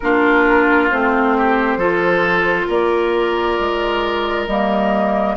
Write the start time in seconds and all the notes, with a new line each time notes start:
0.00 A#3 D4 F4 A#4
0.90 A3 C4 C5
1.37 G4
1.76 F3 F4 A4
2.66 A#3 A#4 D5
3.59 G#3
4.46 G3 A#3 D#5